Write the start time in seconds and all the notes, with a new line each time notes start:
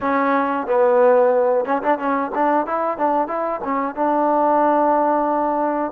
0.00 C#4
0.67 B3
1.65 C#4
1.82 D4
1.98 C#4
2.34 D4
2.66 E4
2.97 D4
3.27 E4
3.64 C#4
3.95 D4